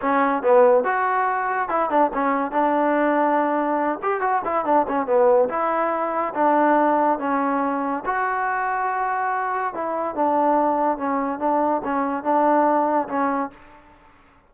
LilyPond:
\new Staff \with { instrumentName = "trombone" } { \time 4/4 \tempo 4 = 142 cis'4 b4 fis'2 | e'8 d'8 cis'4 d'2~ | d'4. g'8 fis'8 e'8 d'8 cis'8 | b4 e'2 d'4~ |
d'4 cis'2 fis'4~ | fis'2. e'4 | d'2 cis'4 d'4 | cis'4 d'2 cis'4 | }